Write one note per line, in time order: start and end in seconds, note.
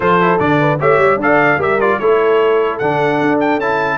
0.00 0.38 F3
0.00 0.20 F4
0.00 0.58 A4
0.00 0.39 C5
0.21 0.39 E4
0.39 0.80 D3
0.39 0.79 D4
0.39 0.79 D5
0.59 0.79 B4
0.80 0.98 A3
0.80 1.20 G4
0.80 1.20 C#5
0.80 1.20 E5
0.98 1.16 G3
1.16 1.56 D4
1.16 1.59 A4
1.16 1.59 D5
1.22 1.62 F5
1.58 1.98 G3
1.58 1.79 G4
1.58 1.99 A#4
1.58 1.80 E5
1.80 2.00 F4
1.80 1.99 D5
1.99 2.80 A3
1.99 2.81 E4
1.99 3.98 A4
1.99 2.78 C#5
2.78 3.21 D3
2.78 3.61 D4
2.78 3.38 F#5
3.21 3.57 D4
3.40 3.60 G5
3.57 3.97 C#4
3.57 3.98 E4
3.57 3.98 A5